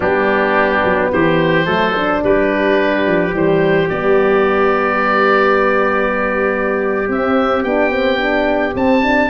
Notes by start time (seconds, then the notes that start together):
0.00 G3 B3 D4 G4
0.83 F#3
1.12 E3 G4 C5
1.64 F#3 A3 A4
1.95 D4
2.23 G3 G4 B4
3.06 F3
3.31 E3 G3 C5
3.89 G3 B3 D5
7.08 C4 E5
7.63 B3 D4 G5
7.90 C4
8.17 D4
8.74 C4 A5
9.02 D4